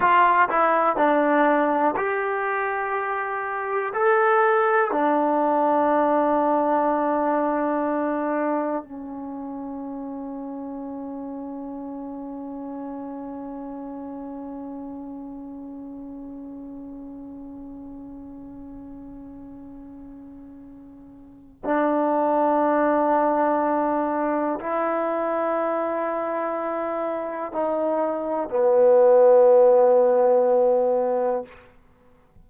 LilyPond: \new Staff \with { instrumentName = "trombone" } { \time 4/4 \tempo 4 = 61 f'8 e'8 d'4 g'2 | a'4 d'2.~ | d'4 cis'2.~ | cis'1~ |
cis'1~ | cis'2 d'2~ | d'4 e'2. | dis'4 b2. | }